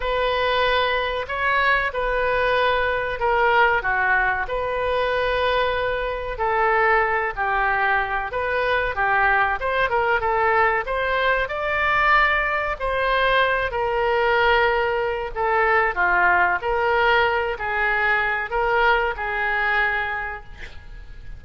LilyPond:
\new Staff \with { instrumentName = "oboe" } { \time 4/4 \tempo 4 = 94 b'2 cis''4 b'4~ | b'4 ais'4 fis'4 b'4~ | b'2 a'4. g'8~ | g'4 b'4 g'4 c''8 ais'8 |
a'4 c''4 d''2 | c''4. ais'2~ ais'8 | a'4 f'4 ais'4. gis'8~ | gis'4 ais'4 gis'2 | }